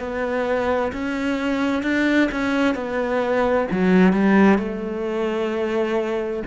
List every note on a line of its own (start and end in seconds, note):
0.00 0.92 B3
0.93 1.83 C#4
1.83 2.30 D4
2.32 2.75 C#4
2.75 3.68 B3
3.71 4.13 F#3
4.13 4.59 G3
4.59 6.44 A3